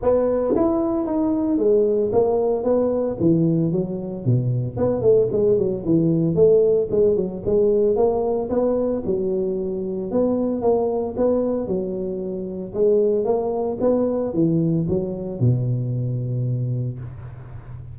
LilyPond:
\new Staff \with { instrumentName = "tuba" } { \time 4/4 \tempo 4 = 113 b4 e'4 dis'4 gis4 | ais4 b4 e4 fis4 | b,4 b8 a8 gis8 fis8 e4 | a4 gis8 fis8 gis4 ais4 |
b4 fis2 b4 | ais4 b4 fis2 | gis4 ais4 b4 e4 | fis4 b,2. | }